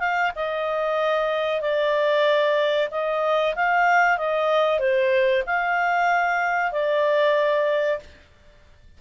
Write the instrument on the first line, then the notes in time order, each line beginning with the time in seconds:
clarinet
0.00 F5
0.36 D#5
1.62 D5
2.92 D#5
3.56 F5
4.18 D#5
4.80 C5
5.47 F5
6.73 D5